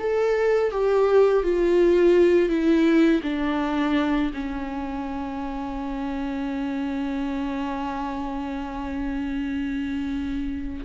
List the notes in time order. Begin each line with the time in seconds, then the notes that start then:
0.00 A4
0.71 G4
1.43 F4
2.49 E4
3.23 D4
4.34 C#4